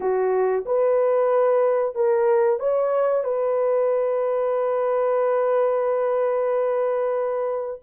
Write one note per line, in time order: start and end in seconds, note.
0.00 0.64 F#4
0.65 1.95 B4
1.95 2.59 A#4
2.59 3.24 C#5
3.24 7.80 B4